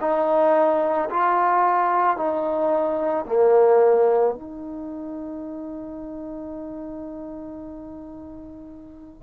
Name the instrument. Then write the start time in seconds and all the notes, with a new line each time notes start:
trombone
0.00 D#4
1.10 F4
2.17 D#4
3.25 A#3
4.34 D#4